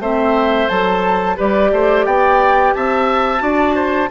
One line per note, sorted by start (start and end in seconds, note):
0.00 0.68 A3
0.00 0.70 C4
0.00 1.37 C5
0.00 0.68 E5
0.68 1.38 F#3
0.68 1.37 A4
0.68 1.37 A5
1.37 1.72 G3
1.37 3.39 G4
1.37 1.71 B4
1.37 2.06 D5
1.72 2.06 A3
1.72 2.06 C5
2.06 2.74 B3
2.06 2.74 D5
2.06 2.74 G5
2.74 3.41 C4
2.74 3.43 E5
2.74 4.10 A5
3.39 4.10 D4
3.39 4.07 F#4
3.39 3.75 D5
3.75 4.09 C5